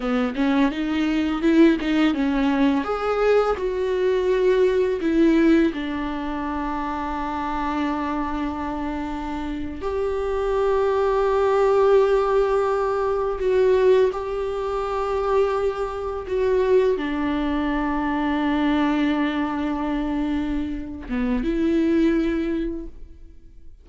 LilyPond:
\new Staff \with { instrumentName = "viola" } { \time 4/4 \tempo 4 = 84 b8 cis'8 dis'4 e'8 dis'8 cis'4 | gis'4 fis'2 e'4 | d'1~ | d'4.~ d'16 g'2~ g'16~ |
g'2~ g'8. fis'4 g'16~ | g'2~ g'8. fis'4 d'16~ | d'1~ | d'4. b8 e'2 | }